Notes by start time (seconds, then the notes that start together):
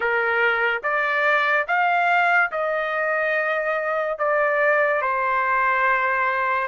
0.00 A#4
0.83 D5
1.67 F5
2.52 D#5
4.18 D5
5.01 C5